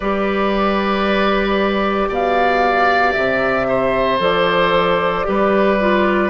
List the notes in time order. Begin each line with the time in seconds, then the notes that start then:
0.00 G3 G4 B4 D5
2.08 B2 D5 F5
3.12 C3 E5
3.68 C5
4.19 F3 A4 D5
5.24 G3 G4 B4
5.80 F4